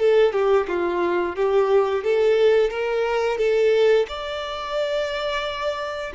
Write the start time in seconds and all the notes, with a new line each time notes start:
0.00 A4
0.33 G4
0.68 F4
1.36 G4
2.04 A4
2.71 A#4
3.38 A4
4.08 D5